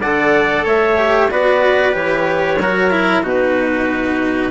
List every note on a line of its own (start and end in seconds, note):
0.00 0.64 D3
0.00 0.97 A4
0.00 0.64 D5
0.00 0.65 F#5
0.64 1.29 A3
0.64 1.29 C#5
0.64 1.30 E5
0.97 1.29 G4
1.30 1.94 B3
1.30 1.92 F#4
1.30 2.60 B4
1.30 1.95 D5
1.92 2.58 E3
1.92 2.56 G4
1.92 3.24 C#5
2.58 3.22 F#3
2.58 2.90 F#4
2.58 3.23 A#4
2.90 3.23 E4
3.22 4.51 B2
3.22 4.51 D#4
3.22 4.51 F#4
3.22 4.51 B4